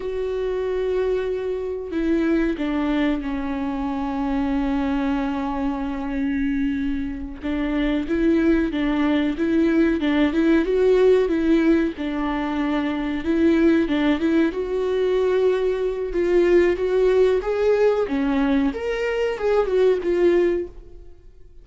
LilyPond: \new Staff \with { instrumentName = "viola" } { \time 4/4 \tempo 4 = 93 fis'2. e'4 | d'4 cis'2.~ | cis'2.~ cis'8 d'8~ | d'8 e'4 d'4 e'4 d'8 |
e'8 fis'4 e'4 d'4.~ | d'8 e'4 d'8 e'8 fis'4.~ | fis'4 f'4 fis'4 gis'4 | cis'4 ais'4 gis'8 fis'8 f'4 | }